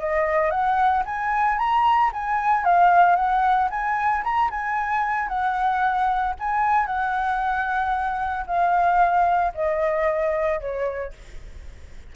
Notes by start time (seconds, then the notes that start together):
0.00 D#5
0.51 F#5
1.06 G#5
1.59 A#5
2.14 G#5
2.65 F5
3.16 F#5
3.71 G#5
4.24 A#5
4.51 G#5
5.29 F#5
6.40 G#5
6.87 F#5
8.47 F5
9.55 D#5
10.60 C#5